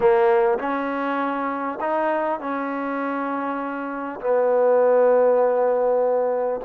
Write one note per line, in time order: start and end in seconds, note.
0.00 0.58 A#3
0.58 1.78 C#4
1.80 2.40 D#4
2.40 4.20 C#4
4.20 6.60 B3